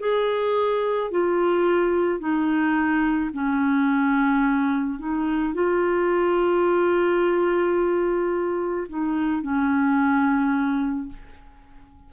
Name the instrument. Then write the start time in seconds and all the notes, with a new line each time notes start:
clarinet
0.00 G#4
1.11 F4
2.20 D#4
3.33 C#4
4.99 D#4
5.54 F4
8.89 D#4
9.42 C#4